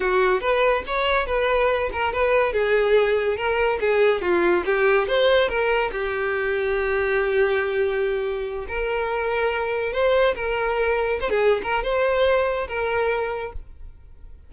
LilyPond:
\new Staff \with { instrumentName = "violin" } { \time 4/4 \tempo 4 = 142 fis'4 b'4 cis''4 b'4~ | b'8 ais'8 b'4 gis'2 | ais'4 gis'4 f'4 g'4 | c''4 ais'4 g'2~ |
g'1~ | g'8 ais'2. c''8~ | c''8 ais'2 c''16 gis'8. ais'8 | c''2 ais'2 | }